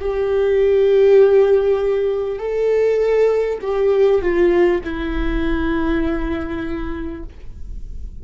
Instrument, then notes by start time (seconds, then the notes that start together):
viola
0.00 G4
2.38 A4
3.61 G4
4.21 F4
4.83 E4